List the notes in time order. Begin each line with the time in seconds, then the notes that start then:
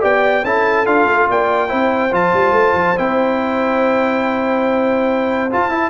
0.00 B3 G4 D5 G5
0.43 C#4 E4 A4 A5
0.86 D4 F4 F5
1.05 A3
1.29 A#3 D5 G5
1.68 C4 E4 C5
2.12 F3 F4 A5
2.34 G3
2.52 A3
2.74 F3
2.97 C4 E4 G5
5.51 F4 A5
5.70 E4